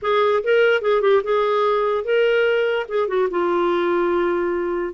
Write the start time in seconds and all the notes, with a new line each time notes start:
0.02 G#4
0.43 A#4
0.81 G#4
1.01 G4
1.23 G#4
2.04 A#4
2.88 G#4
3.07 F#4
3.30 F4